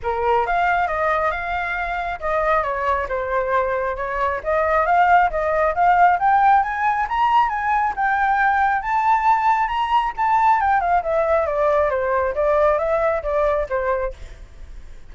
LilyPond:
\new Staff \with { instrumentName = "flute" } { \time 4/4 \tempo 4 = 136 ais'4 f''4 dis''4 f''4~ | f''4 dis''4 cis''4 c''4~ | c''4 cis''4 dis''4 f''4 | dis''4 f''4 g''4 gis''4 |
ais''4 gis''4 g''2 | a''2 ais''4 a''4 | g''8 f''8 e''4 d''4 c''4 | d''4 e''4 d''4 c''4 | }